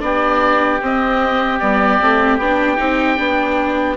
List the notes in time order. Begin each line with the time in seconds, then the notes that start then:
0.00 B3 D4 G4 D5
0.81 C4 D#5
1.59 G3 B3 D5
2.00 A3 C4
2.38 B3 D4 G5
2.77 C4 D#4
3.17 B3 D4